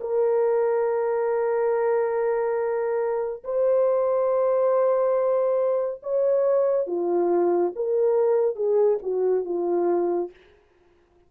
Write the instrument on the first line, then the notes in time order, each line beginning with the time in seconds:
horn
0.00 A#4
3.44 C5
6.02 C#5
6.86 F4
7.75 A#4
8.55 G#4
9.02 F#4
9.44 F4